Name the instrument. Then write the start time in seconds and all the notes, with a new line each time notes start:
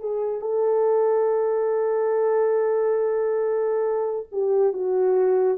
horn
0.00 G#4
0.41 A4
4.32 G4
4.73 F#4